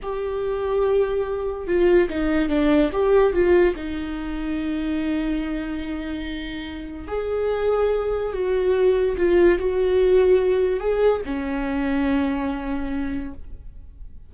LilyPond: \new Staff \with { instrumentName = "viola" } { \time 4/4 \tempo 4 = 144 g'1 | f'4 dis'4 d'4 g'4 | f'4 dis'2.~ | dis'1~ |
dis'4 gis'2. | fis'2 f'4 fis'4~ | fis'2 gis'4 cis'4~ | cis'1 | }